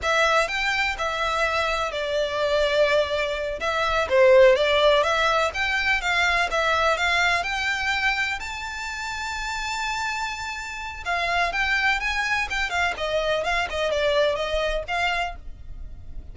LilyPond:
\new Staff \with { instrumentName = "violin" } { \time 4/4 \tempo 4 = 125 e''4 g''4 e''2 | d''2.~ d''8 e''8~ | e''8 c''4 d''4 e''4 g''8~ | g''8 f''4 e''4 f''4 g''8~ |
g''4. a''2~ a''8~ | a''2. f''4 | g''4 gis''4 g''8 f''8 dis''4 | f''8 dis''8 d''4 dis''4 f''4 | }